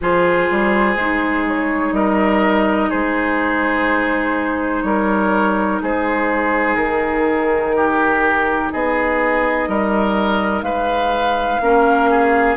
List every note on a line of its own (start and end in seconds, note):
0.01 0.49 F3
0.01 0.97 F4
0.01 1.94 G#4
0.01 1.47 C5
0.50 0.96 G3
0.96 1.92 G#3
0.96 11.62 D#4
1.47 1.93 C#5
1.92 2.88 G3
1.92 2.89 A#4
1.92 2.90 D#5
2.89 4.83 G#3
2.89 4.82 G#4
2.89 4.82 C5
4.82 5.80 G3
4.82 5.82 A#4
4.82 5.79 C#5
5.82 6.76 G#3
5.82 7.76 G#4
5.82 6.75 C5
6.75 8.69 D#3
6.75 8.69 A#4
7.76 8.72 G4
8.72 9.68 B3
8.72 9.69 G#4
8.72 10.62 D#5
9.68 10.61 G3
9.68 10.64 A#4
10.61 11.58 G#3
10.61 11.61 B4
10.61 12.56 F5
11.60 12.56 A#3
11.60 12.56 C#4
11.60 12.10 A#4
12.10 12.56 G#4